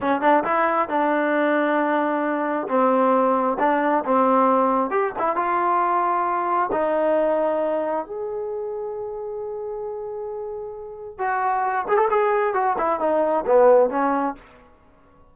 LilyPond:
\new Staff \with { instrumentName = "trombone" } { \time 4/4 \tempo 4 = 134 cis'8 d'8 e'4 d'2~ | d'2 c'2 | d'4 c'2 g'8 e'8 | f'2. dis'4~ |
dis'2 gis'2~ | gis'1~ | gis'4 fis'4. gis'16 a'16 gis'4 | fis'8 e'8 dis'4 b4 cis'4 | }